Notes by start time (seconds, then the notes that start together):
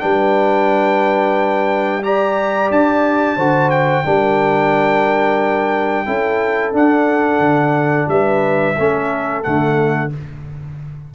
0.00 G3 D4 B4 G5
2.03 G4 D5 A#5
2.71 D4 A5
3.37 D3 F#4 C5
3.70 G5
4.04 G3 D4 A#4
6.06 C#4 E4 A4
6.73 D4 F#5
7.39 D3
8.08 G3 B4 E5
8.77 A3 C#4 A4
9.43 D3 A3 F#5